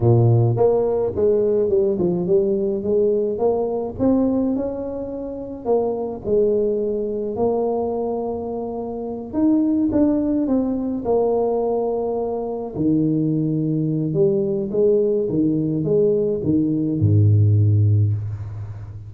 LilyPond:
\new Staff \with { instrumentName = "tuba" } { \time 4/4 \tempo 4 = 106 ais,4 ais4 gis4 g8 f8 | g4 gis4 ais4 c'4 | cis'2 ais4 gis4~ | gis4 ais2.~ |
ais8 dis'4 d'4 c'4 ais8~ | ais2~ ais8 dis4.~ | dis4 g4 gis4 dis4 | gis4 dis4 gis,2 | }